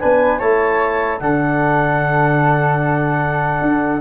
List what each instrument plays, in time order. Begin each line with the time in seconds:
0.00 tuba B3, trombone D4, flute B4, clarinet G#5
0.39 tuba A3, trombone E4, flute C#5, clarinet A5
1.20 tuba D3, trombone D4, flute A4, clarinet F#5
3.62 tuba D4